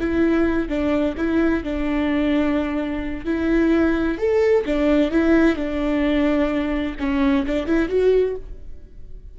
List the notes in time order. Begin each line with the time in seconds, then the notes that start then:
0.00 E4
0.69 D4
1.18 E4
1.64 D4
3.25 E4
4.18 A4
4.66 D4
5.11 E4
5.56 D4
6.99 C#4
7.46 D4
7.67 E4
7.89 F#4